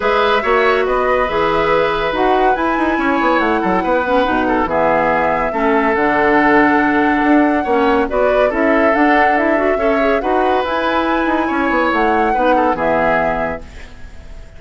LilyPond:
<<
  \new Staff \with { instrumentName = "flute" } { \time 4/4 \tempo 4 = 141 e''2 dis''4 e''4~ | e''4 fis''4 gis''2 | fis''2. e''4~ | e''2 fis''2~ |
fis''2. d''4 | e''4 fis''4 e''2 | fis''4 gis''2. | fis''2 e''2 | }
  \new Staff \with { instrumentName = "oboe" } { \time 4/4 b'4 cis''4 b'2~ | b'2. cis''4~ | cis''8 a'8 b'4. a'8 gis'4~ | gis'4 a'2.~ |
a'2 cis''4 b'4 | a'2. cis''4 | b'2. cis''4~ | cis''4 b'8 a'8 gis'2 | }
  \new Staff \with { instrumentName = "clarinet" } { \time 4/4 gis'4 fis'2 gis'4~ | gis'4 fis'4 e'2~ | e'4. cis'8 dis'4 b4~ | b4 cis'4 d'2~ |
d'2 cis'4 fis'4 | e'4 d'4 e'8 fis'8 a'8 gis'8 | fis'4 e'2.~ | e'4 dis'4 b2 | }
  \new Staff \with { instrumentName = "bassoon" } { \time 4/4 gis4 ais4 b4 e4~ | e4 dis'4 e'8 dis'8 cis'8 b8 | a8 fis8 b4 b,4 e4~ | e4 a4 d2~ |
d4 d'4 ais4 b4 | cis'4 d'2 cis'4 | dis'4 e'4. dis'8 cis'8 b8 | a4 b4 e2 | }
>>